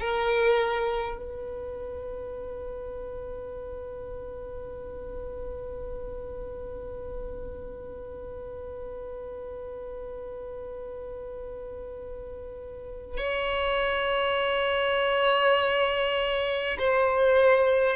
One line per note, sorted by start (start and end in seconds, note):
0.00 1.17 A#4
1.17 13.17 B4
13.17 16.77 C#5
16.78 17.96 C5